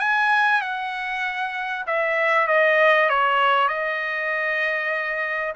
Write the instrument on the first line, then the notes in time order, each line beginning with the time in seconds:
trumpet
0.00 G#5
0.62 F#5
1.87 E5
2.48 D#5
3.10 C#5
3.69 D#5